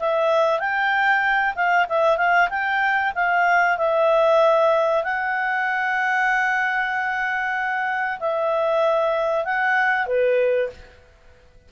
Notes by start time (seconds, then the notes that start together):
0.00 E5
0.60 G5
1.55 F5
1.89 E5
2.18 F5
2.50 G5
3.15 F5
3.78 E5
5.04 F#5
8.20 E5
9.45 F#5
10.07 B4